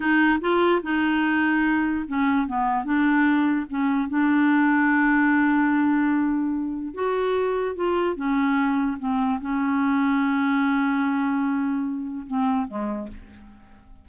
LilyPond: \new Staff \with { instrumentName = "clarinet" } { \time 4/4 \tempo 4 = 147 dis'4 f'4 dis'2~ | dis'4 cis'4 b4 d'4~ | d'4 cis'4 d'2~ | d'1~ |
d'4 fis'2 f'4 | cis'2 c'4 cis'4~ | cis'1~ | cis'2 c'4 gis4 | }